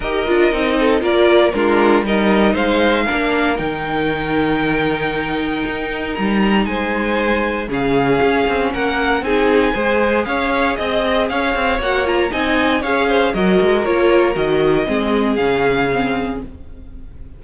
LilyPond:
<<
  \new Staff \with { instrumentName = "violin" } { \time 4/4 \tempo 4 = 117 dis''2 d''4 ais'4 | dis''4 f''2 g''4~ | g''1 | ais''4 gis''2 f''4~ |
f''4 fis''4 gis''2 | f''4 dis''4 f''4 fis''8 ais''8 | gis''4 f''4 dis''4 cis''4 | dis''2 f''2 | }
  \new Staff \with { instrumentName = "violin" } { \time 4/4 ais'4. a'8 ais'4 f'4 | ais'4 c''4 ais'2~ | ais'1~ | ais'4 c''2 gis'4~ |
gis'4 ais'4 gis'4 c''4 | cis''4 dis''4 cis''2 | dis''4 cis''8 c''8 ais'2~ | ais'4 gis'2. | }
  \new Staff \with { instrumentName = "viola" } { \time 4/4 g'8 f'8 dis'4 f'4 d'4 | dis'2 d'4 dis'4~ | dis'1~ | dis'2. cis'4~ |
cis'2 dis'4 gis'4~ | gis'2. fis'8 f'8 | dis'4 gis'4 fis'4 f'4 | fis'4 c'4 cis'4 c'4 | }
  \new Staff \with { instrumentName = "cello" } { \time 4/4 dis'8 d'8 c'4 ais4 gis4 | g4 gis4 ais4 dis4~ | dis2. dis'4 | g4 gis2 cis4 |
cis'8 c'8 ais4 c'4 gis4 | cis'4 c'4 cis'8 c'8 ais4 | c'4 cis'4 fis8 gis8 ais4 | dis4 gis4 cis2 | }
>>